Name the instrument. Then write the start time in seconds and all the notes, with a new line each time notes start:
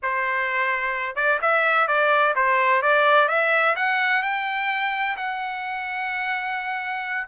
trumpet
0.02 C5
1.15 D5
1.41 E5
1.87 D5
2.35 C5
2.82 D5
3.28 E5
3.75 F#5
4.22 G5
5.16 F#5